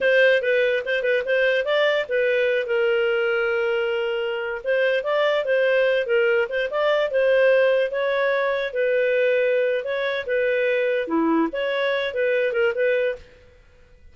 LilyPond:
\new Staff \with { instrumentName = "clarinet" } { \time 4/4 \tempo 4 = 146 c''4 b'4 c''8 b'8 c''4 | d''4 b'4. ais'4.~ | ais'2.~ ais'16 c''8.~ | c''16 d''4 c''4. ais'4 c''16~ |
c''16 d''4 c''2 cis''8.~ | cis''4~ cis''16 b'2~ b'8. | cis''4 b'2 e'4 | cis''4. b'4 ais'8 b'4 | }